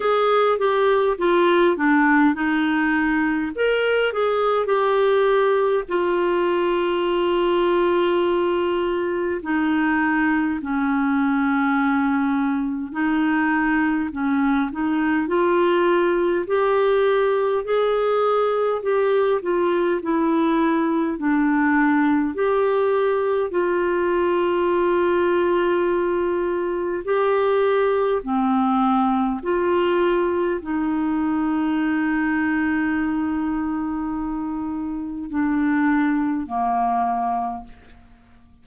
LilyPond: \new Staff \with { instrumentName = "clarinet" } { \time 4/4 \tempo 4 = 51 gis'8 g'8 f'8 d'8 dis'4 ais'8 gis'8 | g'4 f'2. | dis'4 cis'2 dis'4 | cis'8 dis'8 f'4 g'4 gis'4 |
g'8 f'8 e'4 d'4 g'4 | f'2. g'4 | c'4 f'4 dis'2~ | dis'2 d'4 ais4 | }